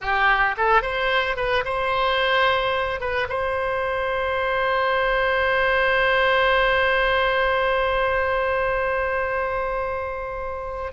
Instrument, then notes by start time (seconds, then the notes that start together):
oboe
0.01 G4
0.57 A4
0.82 C5
1.36 B4
1.64 C5
3.00 B4
3.29 C5